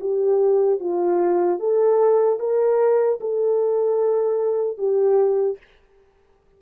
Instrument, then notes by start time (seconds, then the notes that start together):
horn
0.00 G4
0.80 F4
1.59 A4
2.39 A#4
3.20 A4
4.78 G4